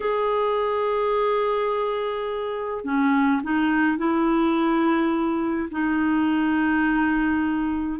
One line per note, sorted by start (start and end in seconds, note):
0.00 2.84 G#4
2.84 3.41 C#4
3.43 3.97 D#4
3.97 5.69 E4
5.71 7.99 D#4